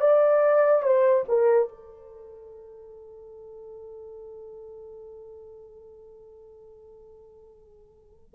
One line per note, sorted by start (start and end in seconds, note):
0.00 0.83 D5
0.83 1.24 C5
1.28 1.69 A#4
1.69 8.34 A4